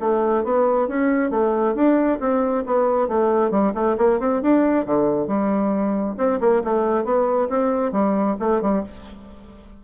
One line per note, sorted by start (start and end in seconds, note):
0.00 0.44 A3
0.44 0.88 B3
0.88 1.31 C#4
1.31 1.75 A3
1.75 2.19 D4
2.20 2.64 C4
2.66 3.08 B3
3.08 3.51 A3
3.51 3.73 G3
3.75 3.97 A3
3.98 4.20 A#3
4.20 4.42 C4
4.42 4.86 D4
4.86 5.27 D3
5.27 6.16 G3
6.18 6.40 C4
6.41 6.63 A#3
6.64 7.04 A3
7.04 7.49 B3
7.49 7.92 C4
7.92 8.36 G3
8.40 8.62 A3
8.62 8.84 G3